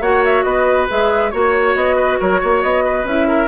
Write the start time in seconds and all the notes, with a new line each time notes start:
0.00 A#3 F#4 C#5 F#5
0.24 E5
0.43 B3 B4 D#5
0.89 G#3 G#4 E5
1.30 A#3 F#4 C#5
1.75 B3 D#5
1.96 B4
2.20 F#3 A#4 C#5
2.40 A#3 C#5
2.62 B3 D#5
2.85 B4
3.04 C#4 E4 E5
3.27 A#4